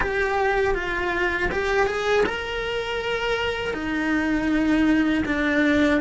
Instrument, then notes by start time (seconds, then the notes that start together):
cello
0.00 G4
0.74 F4
1.51 G4
1.86 G#4
2.26 A#4
3.73 D#4
5.25 D4